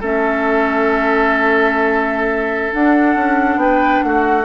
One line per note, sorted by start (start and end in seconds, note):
0.00 2.73 A3
0.00 2.74 C#4
0.00 3.59 A4
0.00 2.73 E5
2.73 4.44 D4
2.73 3.15 D4
2.73 3.59 F#5
3.15 3.56 C#4
3.56 3.99 B3
3.56 4.05 B4
3.56 4.02 G5
4.02 4.44 A3
4.02 4.44 F#4
4.02 4.44 F#5